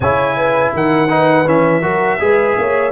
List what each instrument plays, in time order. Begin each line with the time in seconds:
0.00 tuba C#3, trombone E4, horn C#5, trumpet G#5
0.36 horn B4
0.73 tuba D#3, horn A#4, trumpet F#5
1.08 trombone D#4, horn B4
1.46 tuba E3, trombone C#4, trumpet E5
1.82 tuba F#3, trombone F#4, horn A#4
2.19 tuba G#3, trombone G#4, horn B4
2.58 tuba A#3, horn C#5